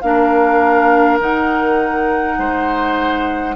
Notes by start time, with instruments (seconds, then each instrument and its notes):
0.00 bassoon A#3, clarinet D4, oboe A#4, flute F5
1.20 bassoon D#3, clarinet D#4, flute F#5
2.38 bassoon G#3, oboe C5